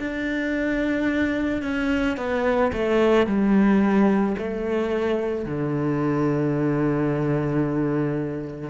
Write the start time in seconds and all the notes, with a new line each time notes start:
0.00 D4
1.63 C#4
2.18 B3
2.73 A3
3.27 G3
4.38 A3
5.46 D3